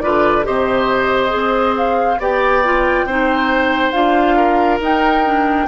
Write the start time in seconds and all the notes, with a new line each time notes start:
0.00 D3 F4 B4 D5
0.43 C3 G4 C5 D#5
1.28 C4 G#4
1.77 F5
2.19 B3 G4 D5 G5
2.64 F4
3.05 C4 D#4 C5
3.91 D4 F4 F5
4.36 A#4
4.80 D#4 G5
5.25 D4